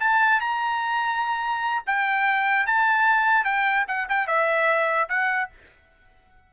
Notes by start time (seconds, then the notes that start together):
0.00 A5
0.40 A#5
1.86 G5
2.66 A5
3.44 G5
3.87 F#5
4.09 G5
4.27 E5
5.09 F#5